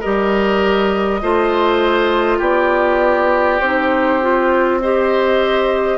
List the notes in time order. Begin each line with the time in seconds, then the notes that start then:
0.00 G3 G4 A#4 D#5
1.21 A3 F4 C5
2.38 B3 G4 D5
3.60 C4 D#4 C5
4.21 F4
4.80 G4 C5 D#5